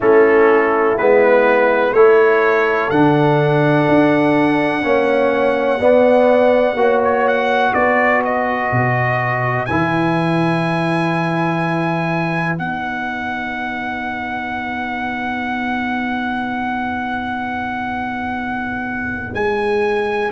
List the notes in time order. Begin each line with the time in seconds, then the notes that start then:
0.00 A3 C#4 E4 A4
0.97 G#3 B3 B4
1.92 A3 E4 A4 C#5
2.90 D3 D4 F#5
3.88 D4
4.82 A#3 C#4 C#5
5.80 B3 D5
6.74 A#3 F#4 C#5
7.04 C#5
7.27 F#5
7.73 B3 B4 D5
8.24 D#5
8.71 B2
9.65 E3 E4 G#5
12.58 B3 D#4 F#5
19.33 G#3 G#5